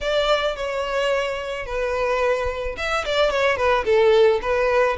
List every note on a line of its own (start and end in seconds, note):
0.01 0.56 D5
0.56 1.66 C#5
1.66 2.76 B4
2.77 3.04 E5
3.05 3.30 D5
3.30 3.57 C#5
3.57 3.84 B4
3.85 4.40 A4
4.41 4.96 B4